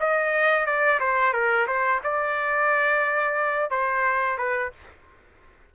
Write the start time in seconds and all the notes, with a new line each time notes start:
0.00 D#5
0.66 D5
1.00 C5
1.33 A#4
1.67 C5
2.03 D5
3.70 C5
4.38 B4